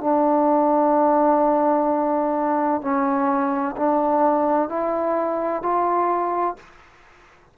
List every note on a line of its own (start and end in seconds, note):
0.00 2.81 D4
2.82 3.75 C#4
3.77 4.69 D4
4.69 5.62 E4
5.62 6.56 F4